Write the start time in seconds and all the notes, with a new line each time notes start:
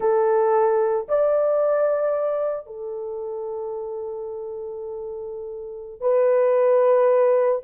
0.00 A4
1.08 D5
2.66 A4
6.00 B4